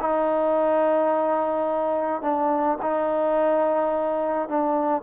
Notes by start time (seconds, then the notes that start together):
0.00 D#4
2.22 D4
2.81 D#4
4.48 D4